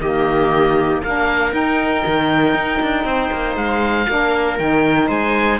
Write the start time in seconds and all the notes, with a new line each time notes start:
0.00 D#3 A#3 G4 D#5
1.02 A#3 D4 A#4 F5
1.51 D#4 G5
2.06 D#3
2.54 D#4
2.82 D4
3.04 C4 C5
3.32 A#3
3.56 G#3 F5
4.08 A#3 D4 A#4
4.58 D#3 D#4 G5
5.07 G#3 C5 G#5